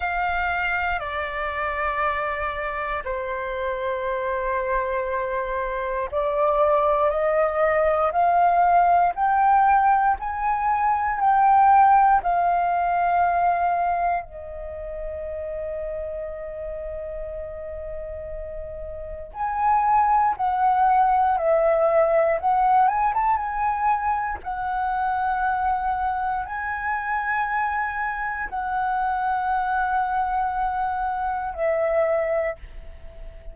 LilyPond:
\new Staff \with { instrumentName = "flute" } { \time 4/4 \tempo 4 = 59 f''4 d''2 c''4~ | c''2 d''4 dis''4 | f''4 g''4 gis''4 g''4 | f''2 dis''2~ |
dis''2. gis''4 | fis''4 e''4 fis''8 gis''16 a''16 gis''4 | fis''2 gis''2 | fis''2. e''4 | }